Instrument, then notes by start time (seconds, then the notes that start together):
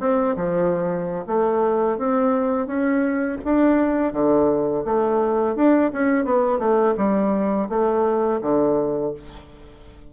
bassoon
0.00 C4
0.36 F3
1.27 A3
1.98 C4
2.67 C#4
3.44 D4
4.13 D3
4.85 A3
5.56 D4
5.93 C#4
6.25 B3
6.59 A3
6.97 G3
7.69 A3
8.42 D3